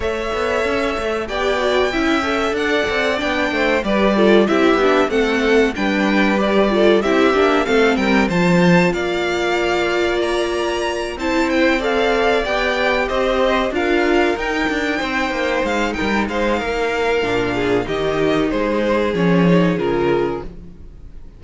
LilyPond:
<<
  \new Staff \with { instrumentName = "violin" } { \time 4/4 \tempo 4 = 94 e''2 g''2 | fis''4 g''4 d''4 e''4 | fis''4 g''4 d''4 e''4 | f''8 g''8 a''4 f''2 |
ais''4. a''8 g''8 f''4 g''8~ | g''8 dis''4 f''4 g''4.~ | g''8 f''8 g''8 f''2~ f''8 | dis''4 c''4 cis''4 ais'4 | }
  \new Staff \with { instrumentName = "violin" } { \time 4/4 cis''2 d''4 e''4 | d''4. c''8 b'8 a'8 g'4 | a'4 b'4. a'8 g'4 | a'8 ais'8 c''4 d''2~ |
d''4. c''4 d''4.~ | d''8 c''4 ais'2 c''8~ | c''4 ais'8 c''8 ais'4. gis'8 | g'4 gis'2. | }
  \new Staff \with { instrumentName = "viola" } { \time 4/4 a'2 g'8 fis'8 e'8 a'8~ | a'4 d'4 g'8 f'8 e'8 d'8 | c'4 d'4 g'8 f'8 e'8 d'8 | c'4 f'2.~ |
f'4. e'4 a'4 g'8~ | g'4. f'4 dis'4.~ | dis'2. d'4 | dis'2 cis'8 dis'8 f'4 | }
  \new Staff \with { instrumentName = "cello" } { \time 4/4 a8 b8 cis'8 a8 b4 cis'4 | d'8 c'8 b8 a8 g4 c'8 b8 | a4 g2 c'8 ais8 | a8 g8 f4 ais2~ |
ais4. c'2 b8~ | b8 c'4 d'4 dis'8 d'8 c'8 | ais8 gis8 g8 gis8 ais4 ais,4 | dis4 gis4 f4 cis4 | }
>>